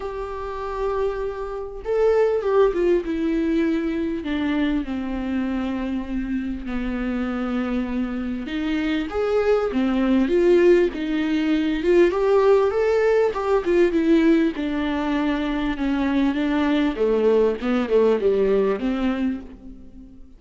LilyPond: \new Staff \with { instrumentName = "viola" } { \time 4/4 \tempo 4 = 99 g'2. a'4 | g'8 f'8 e'2 d'4 | c'2. b4~ | b2 dis'4 gis'4 |
c'4 f'4 dis'4. f'8 | g'4 a'4 g'8 f'8 e'4 | d'2 cis'4 d'4 | a4 b8 a8 g4 c'4 | }